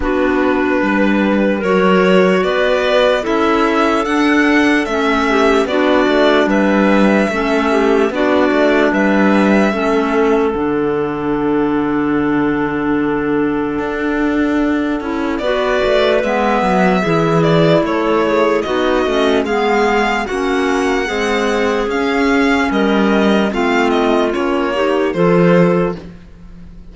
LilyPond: <<
  \new Staff \with { instrumentName = "violin" } { \time 4/4 \tempo 4 = 74 b'2 cis''4 d''4 | e''4 fis''4 e''4 d''4 | e''2 d''4 e''4~ | e''4 fis''2.~ |
fis''2. d''4 | e''4. d''8 cis''4 dis''4 | f''4 fis''2 f''4 | dis''4 f''8 dis''8 cis''4 c''4 | }
  \new Staff \with { instrumentName = "clarinet" } { \time 4/4 fis'4 b'4 ais'4 b'4 | a'2~ a'8 g'8 fis'4 | b'4 a'8 g'8 fis'4 b'4 | a'1~ |
a'2. b'4~ | b'4 gis'4 a'8 gis'8 fis'4 | gis'4 fis'4 gis'2 | ais'4 f'4. g'8 a'4 | }
  \new Staff \with { instrumentName = "clarinet" } { \time 4/4 d'2 fis'2 | e'4 d'4 cis'4 d'4~ | d'4 cis'4 d'2 | cis'4 d'2.~ |
d'2~ d'8 e'8 fis'4 | b4 e'2 dis'8 cis'8 | b4 cis'4 gis4 cis'4~ | cis'4 c'4 cis'8 dis'8 f'4 | }
  \new Staff \with { instrumentName = "cello" } { \time 4/4 b4 g4 fis4 b4 | cis'4 d'4 a4 b8 a8 | g4 a4 b8 a8 g4 | a4 d2.~ |
d4 d'4. cis'8 b8 a8 | gis8 fis8 e4 a4 b8 a8 | gis4 ais4 c'4 cis'4 | g4 a4 ais4 f4 | }
>>